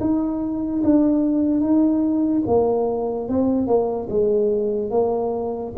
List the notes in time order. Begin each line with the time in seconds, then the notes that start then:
0.00 D#4
0.83 D4
1.60 D#4
2.47 A#3
3.28 C4
3.67 A#3
4.09 G#3
4.91 A#3